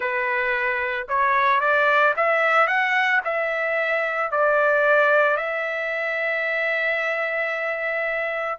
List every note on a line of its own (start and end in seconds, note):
0.00 1.07 B4
1.08 1.60 C#5
1.60 2.14 D5
2.16 2.67 E5
2.67 3.20 F#5
3.24 4.31 E5
4.31 5.36 D5
5.36 8.58 E5